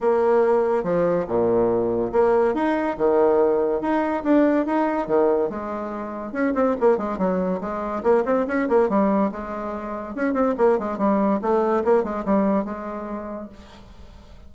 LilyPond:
\new Staff \with { instrumentName = "bassoon" } { \time 4/4 \tempo 4 = 142 ais2 f4 ais,4~ | ais,4 ais4 dis'4 dis4~ | dis4 dis'4 d'4 dis'4 | dis4 gis2 cis'8 c'8 |
ais8 gis8 fis4 gis4 ais8 c'8 | cis'8 ais8 g4 gis2 | cis'8 c'8 ais8 gis8 g4 a4 | ais8 gis8 g4 gis2 | }